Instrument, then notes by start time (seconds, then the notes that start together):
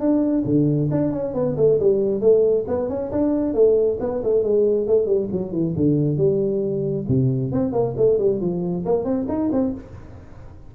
tuba
0.00 D4
0.45 D3
0.91 D4
1.12 C#4
1.34 B3
1.57 A3
1.79 G3
2.21 A3
2.68 B3
2.89 C#4
3.12 D4
3.54 A3
4.00 B3
4.24 A3
4.43 G#3
4.87 A3
5.06 G3
5.32 F#3
5.52 E3
5.77 D3
6.17 G3
7.08 C3
7.52 C4
7.72 A#3
7.97 A3
8.19 G3
8.41 F3
8.85 A#3
9.05 C4
9.28 D#4
9.52 C4